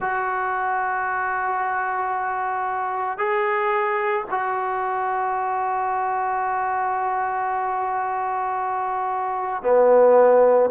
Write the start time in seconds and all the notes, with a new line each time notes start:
0.00 F#4
3.18 G#4
4.30 F#4
9.62 B3